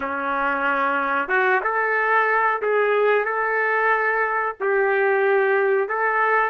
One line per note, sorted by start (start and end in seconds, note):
0.00 1.28 C#4
1.28 1.60 F#4
1.63 2.61 A4
2.61 3.24 G#4
3.24 4.55 A4
4.60 5.88 G4
5.88 6.50 A4